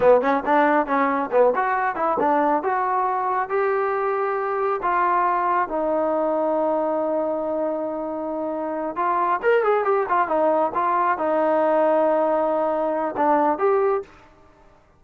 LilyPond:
\new Staff \with { instrumentName = "trombone" } { \time 4/4 \tempo 4 = 137 b8 cis'8 d'4 cis'4 b8 fis'8~ | fis'8 e'8 d'4 fis'2 | g'2. f'4~ | f'4 dis'2.~ |
dis'1~ | dis'8 f'4 ais'8 gis'8 g'8 f'8 dis'8~ | dis'8 f'4 dis'2~ dis'8~ | dis'2 d'4 g'4 | }